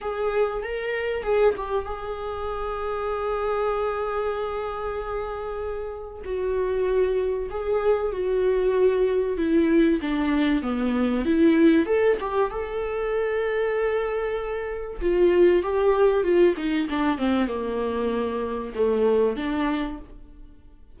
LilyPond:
\new Staff \with { instrumentName = "viola" } { \time 4/4 \tempo 4 = 96 gis'4 ais'4 gis'8 g'8 gis'4~ | gis'1~ | gis'2 fis'2 | gis'4 fis'2 e'4 |
d'4 b4 e'4 a'8 g'8 | a'1 | f'4 g'4 f'8 dis'8 d'8 c'8 | ais2 a4 d'4 | }